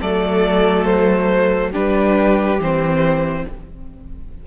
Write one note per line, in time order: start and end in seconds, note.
0.00 1.73 F#3
0.00 1.73 A3
0.00 1.71 A4
0.00 0.85 D5
0.85 1.71 C5
1.71 2.59 G3
1.71 2.59 D4
1.71 3.43 G4
1.71 2.61 B4
2.59 3.45 E3
2.59 3.47 C4
2.59 3.47 C5